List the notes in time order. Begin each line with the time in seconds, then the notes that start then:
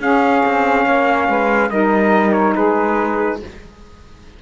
0.00 C#4 G#4 F5
0.46 C4
0.85 A#3 C#5
1.29 G#3 B4
1.70 G3 D#4 A#4 D#5
2.32 C#5
2.55 G#3 G#4 B4